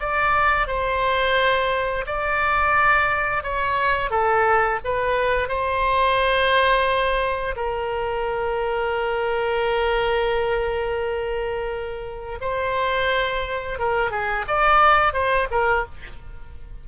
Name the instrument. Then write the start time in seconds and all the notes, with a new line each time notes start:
oboe
0.00 D5
0.68 C5
2.07 D5
3.44 C#5
4.11 A4
4.85 B4
5.49 C5
7.56 A#4
12.41 C5
13.79 A#4
14.11 G#4
14.48 D5
15.13 C5
15.51 A#4